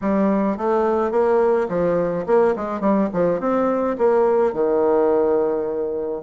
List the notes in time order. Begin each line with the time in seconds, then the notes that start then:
0.01 G3
0.57 A3
1.11 A#3
1.69 F3
2.26 A#3
2.55 G#3
2.80 G3
3.13 F3
3.40 C4
3.98 A#3
4.53 D#3